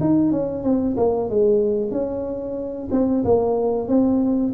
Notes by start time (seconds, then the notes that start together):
0.00 D#4
0.31 C#4
0.63 C4
0.97 A#3
1.29 G#3
1.91 C#4
2.91 C4
3.24 A#3
3.87 C4